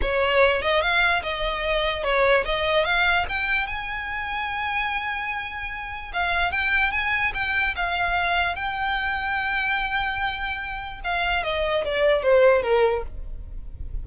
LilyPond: \new Staff \with { instrumentName = "violin" } { \time 4/4 \tempo 4 = 147 cis''4. dis''8 f''4 dis''4~ | dis''4 cis''4 dis''4 f''4 | g''4 gis''2.~ | gis''2. f''4 |
g''4 gis''4 g''4 f''4~ | f''4 g''2.~ | g''2. f''4 | dis''4 d''4 c''4 ais'4 | }